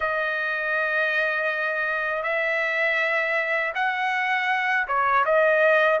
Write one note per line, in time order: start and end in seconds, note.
0.00 2.22 D#5
2.22 3.72 E5
3.74 4.87 F#5
4.87 5.25 C#5
5.25 6.00 D#5